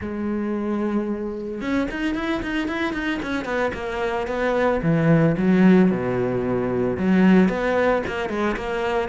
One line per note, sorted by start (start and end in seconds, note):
0.01 1.61 G#3
1.61 1.87 C#4
1.90 2.15 D#4
2.15 2.41 E4
2.42 2.68 D#4
2.68 2.93 E4
2.93 3.20 D#4
3.22 3.45 C#4
3.45 3.71 B3
3.73 4.27 A#3
4.27 4.80 B3
4.82 5.36 E3
5.37 5.91 F#3
5.91 6.97 B2
6.97 7.49 F#3
7.49 8.02 B3
8.06 8.29 A#3
8.29 8.56 G#3
8.56 9.09 A#3